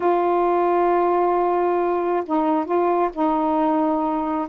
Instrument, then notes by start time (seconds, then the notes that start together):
saxophone
0.00 F4
2.26 D#4
2.65 F4
3.13 D#4